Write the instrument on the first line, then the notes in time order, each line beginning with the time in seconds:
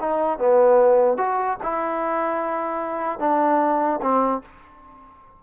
trombone
0.00 D#4
0.38 B3
1.17 F#4
1.63 E4
3.19 D4
4.01 C4